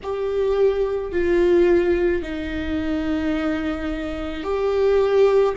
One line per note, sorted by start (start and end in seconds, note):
0.03 1.12 G4
1.12 2.22 F4
2.22 4.43 D#4
4.43 5.54 G4